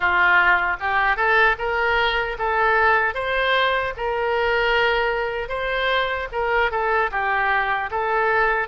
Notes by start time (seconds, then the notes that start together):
0.00 F4
0.80 G4
1.16 A4
1.58 A#4
2.38 A4
3.14 C5
3.97 A#4
5.49 C5
6.32 A#4
6.71 A4
7.11 G4
7.90 A4